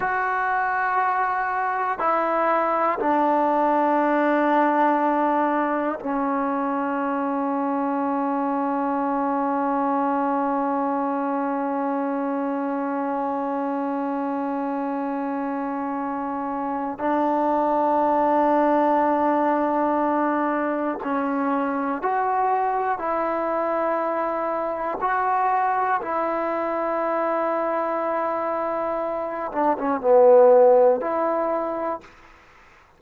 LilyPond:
\new Staff \with { instrumentName = "trombone" } { \time 4/4 \tempo 4 = 60 fis'2 e'4 d'4~ | d'2 cis'2~ | cis'1~ | cis'1~ |
cis'4 d'2.~ | d'4 cis'4 fis'4 e'4~ | e'4 fis'4 e'2~ | e'4. d'16 cis'16 b4 e'4 | }